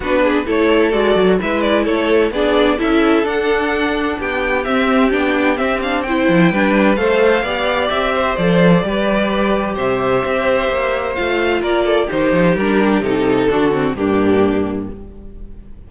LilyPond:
<<
  \new Staff \with { instrumentName = "violin" } { \time 4/4 \tempo 4 = 129 b'4 cis''4 d''4 e''8 d''8 | cis''4 d''4 e''4 fis''4~ | fis''4 g''4 e''4 g''4 | e''8 f''8 g''2 f''4~ |
f''4 e''4 d''2~ | d''4 e''2. | f''4 d''4 c''4 ais'4 | a'2 g'2 | }
  \new Staff \with { instrumentName = "violin" } { \time 4/4 fis'8 gis'8 a'2 b'4 | a'4 gis'4 a'2~ | a'4 g'2.~ | g'4 c''4 b'4 c''4 |
d''4. c''4. b'4~ | b'4 c''2.~ | c''4 ais'8 a'8 g'2~ | g'4 fis'4 d'2 | }
  \new Staff \with { instrumentName = "viola" } { \time 4/4 d'4 e'4 fis'4 e'4~ | e'4 d'4 e'4 d'4~ | d'2 c'4 d'4 | c'8 d'8 e'4 d'4 a'4 |
g'2 a'4 g'4~ | g'1 | f'2 dis'4 d'4 | dis'4 d'8 c'8 ais2 | }
  \new Staff \with { instrumentName = "cello" } { \time 4/4 b4 a4 gis8 fis8 gis4 | a4 b4 cis'4 d'4~ | d'4 b4 c'4 b4 | c'4. f8 g4 a4 |
b4 c'4 f4 g4~ | g4 c4 c'4 ais4 | a4 ais4 dis8 f8 g4 | c4 d4 g,2 | }
>>